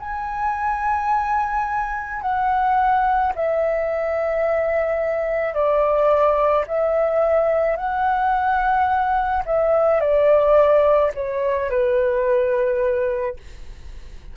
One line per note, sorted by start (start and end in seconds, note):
0.00 2.22 G#5
2.22 3.33 F#5
3.35 5.54 E5
5.54 6.65 D5
6.68 7.77 E5
7.77 9.43 F#5
9.46 10.01 E5
10.01 11.12 D5
11.15 11.70 C#5
11.70 13.37 B4